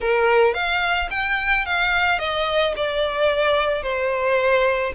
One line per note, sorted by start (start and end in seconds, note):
0.01 0.54 A#4
0.54 1.09 F5
1.10 1.65 G5
1.65 2.18 F5
2.18 2.73 D#5
2.76 3.83 D5
3.83 4.93 C5